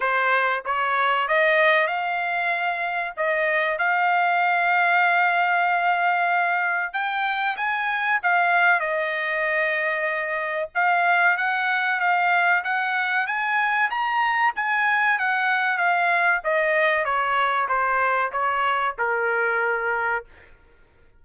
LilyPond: \new Staff \with { instrumentName = "trumpet" } { \time 4/4 \tempo 4 = 95 c''4 cis''4 dis''4 f''4~ | f''4 dis''4 f''2~ | f''2. g''4 | gis''4 f''4 dis''2~ |
dis''4 f''4 fis''4 f''4 | fis''4 gis''4 ais''4 gis''4 | fis''4 f''4 dis''4 cis''4 | c''4 cis''4 ais'2 | }